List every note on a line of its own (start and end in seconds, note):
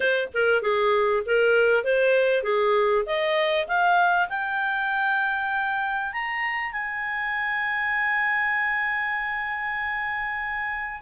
0.00 0.28 C5
0.33 0.62 A#4
0.62 1.23 G#4
1.26 1.83 A#4
1.83 2.43 C5
2.43 3.04 G#4
3.06 3.67 D#5
3.67 4.29 F5
4.29 6.13 G5
6.13 6.72 A#5
6.72 11.01 G#5